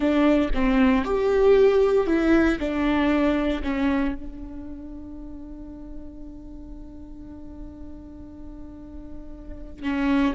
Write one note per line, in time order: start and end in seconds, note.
0.00 0.50 D4
0.53 1.04 C4
1.04 2.07 G4
2.07 2.58 E4
2.59 3.62 D4
3.63 4.14 C#4
4.14 9.82 D4
9.82 10.34 C#4